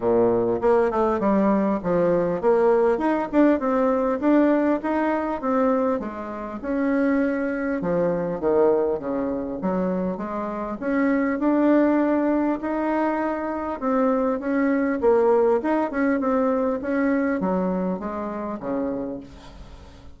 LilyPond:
\new Staff \with { instrumentName = "bassoon" } { \time 4/4 \tempo 4 = 100 ais,4 ais8 a8 g4 f4 | ais4 dis'8 d'8 c'4 d'4 | dis'4 c'4 gis4 cis'4~ | cis'4 f4 dis4 cis4 |
fis4 gis4 cis'4 d'4~ | d'4 dis'2 c'4 | cis'4 ais4 dis'8 cis'8 c'4 | cis'4 fis4 gis4 cis4 | }